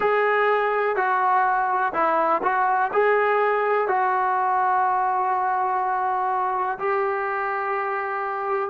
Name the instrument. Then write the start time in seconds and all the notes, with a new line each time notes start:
trombone
0.00 G#4
0.96 F#4
1.93 E4
2.42 F#4
2.93 G#4
3.88 F#4
6.78 G4